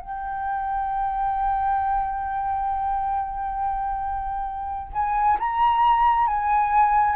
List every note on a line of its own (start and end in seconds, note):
0.00 4.93 G5
4.93 5.38 G#5
5.39 6.27 A#5
6.27 7.16 G#5